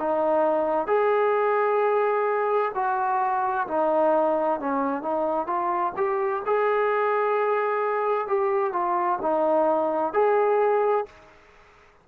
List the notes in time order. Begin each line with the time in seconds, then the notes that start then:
0.00 D#4
0.88 G#4
2.75 F#4
3.68 D#4
4.60 C#4
5.03 D#4
5.47 F4
5.97 G4
6.46 G#4
8.28 G4
8.73 F4
9.22 D#4
10.14 G#4